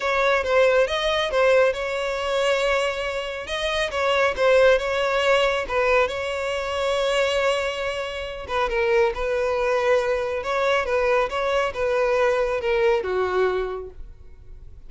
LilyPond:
\new Staff \with { instrumentName = "violin" } { \time 4/4 \tempo 4 = 138 cis''4 c''4 dis''4 c''4 | cis''1 | dis''4 cis''4 c''4 cis''4~ | cis''4 b'4 cis''2~ |
cis''2.~ cis''8 b'8 | ais'4 b'2. | cis''4 b'4 cis''4 b'4~ | b'4 ais'4 fis'2 | }